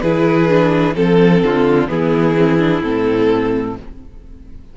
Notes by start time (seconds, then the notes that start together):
0.00 E3 E4 G#4 B4
0.48 D4
0.94 F3 C4 A4
1.42 D3 F4
1.88 E3 B3 E4 G#4
2.36 C4
2.58 D4
2.82 A2 C4 A4